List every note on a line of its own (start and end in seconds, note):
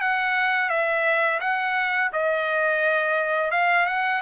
0.00 0.69 F#5
0.69 1.40 E5
1.40 2.10 F#5
2.12 3.51 D#5
3.51 3.86 F5
3.86 4.21 F#5